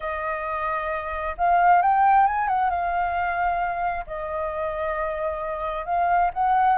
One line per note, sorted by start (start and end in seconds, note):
0.00 1.36 D#5
1.37 1.82 F5
1.82 2.26 G5
2.26 2.48 G#5
2.48 2.70 F#5
2.70 4.05 F5
4.06 5.85 D#5
5.85 6.30 F5
6.33 6.78 F#5